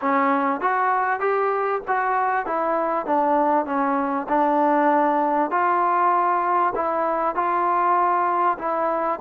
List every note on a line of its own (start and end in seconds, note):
0.01 0.60 C#4
0.60 1.20 F#4
1.20 1.81 G4
1.87 2.46 F#4
2.46 3.06 E4
3.06 3.65 D4
3.65 4.27 C#4
4.28 5.50 D4
5.50 6.73 F4
6.75 7.35 E4
7.35 8.57 F4
8.58 9.19 E4